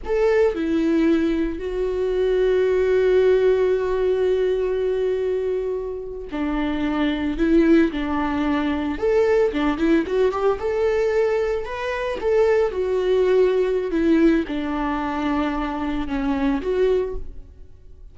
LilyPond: \new Staff \with { instrumentName = "viola" } { \time 4/4 \tempo 4 = 112 a'4 e'2 fis'4~ | fis'1~ | fis'2.~ fis'8. d'16~ | d'4.~ d'16 e'4 d'4~ d'16~ |
d'8. a'4 d'8 e'8 fis'8 g'8 a'16~ | a'4.~ a'16 b'4 a'4 fis'16~ | fis'2 e'4 d'4~ | d'2 cis'4 fis'4 | }